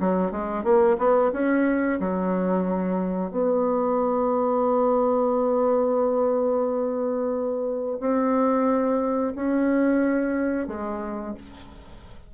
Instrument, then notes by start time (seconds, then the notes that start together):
bassoon
0.00 F#3
0.31 G#3
0.64 A#3
0.98 B3
1.33 C#4
2.00 F#3
3.31 B3
8.00 C4
9.35 C#4
10.68 G#3